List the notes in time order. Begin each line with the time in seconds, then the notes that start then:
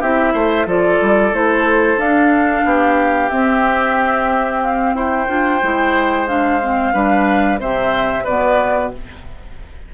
0.00 C4 E4 G4 E5
0.33 A3 C5
0.66 F3 F4 A4 D5
1.01 G3
1.32 A3 E4 C5
1.97 D4 F5
2.65 B3 G4
3.29 C4 E5
4.62 F5
4.95 E4 C5 G5
5.27 D4 F4
5.62 G#3 E4
6.27 D4 F5
6.62 C4
6.93 G3 D4 B4
7.59 C3 C4 C5 E5
8.24 B2 B3 B4 D5